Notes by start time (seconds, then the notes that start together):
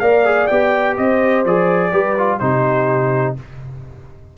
0.00 A#3 A#4 D5 F5
0.25 G#4
0.47 B3 G4 G5
0.97 C4 C5 D#5
1.45 F3 G#4 D5
1.92 G3 G4 B4
2.18 F4
2.39 C3 D#4 G4 C5